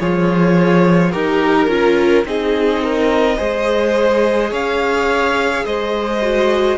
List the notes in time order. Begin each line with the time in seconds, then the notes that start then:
0.00 F3 F4 G#4 C#5
1.12 D#4 G4 A#4
1.68 C#4 F4
2.25 C4 D#4 G#4 D#5
2.85 A#4
3.37 G#3 G#4 C5
4.51 C#4 C#5 F5
5.66 G#3 C5 D#5
6.22 F#4